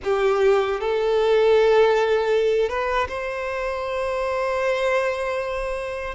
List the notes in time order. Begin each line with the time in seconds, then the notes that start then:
0.03 G4
0.80 A4
2.69 B4
3.08 C5